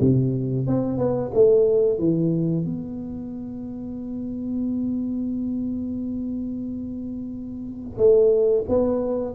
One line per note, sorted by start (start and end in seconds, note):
0.00 0.67 C3
0.67 0.97 C4
0.97 1.31 B3
1.34 1.98 A3
1.98 2.65 E3
2.65 7.98 B3
7.98 8.64 A3
8.68 9.34 B3